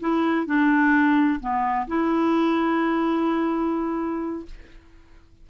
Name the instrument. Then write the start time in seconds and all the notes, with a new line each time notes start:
clarinet
0.00 E4
0.46 D4
1.40 B3
1.87 E4